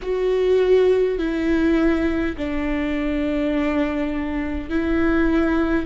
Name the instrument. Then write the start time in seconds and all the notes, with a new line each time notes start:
viola
0.02 F#4
1.18 E4
2.37 D4
4.70 E4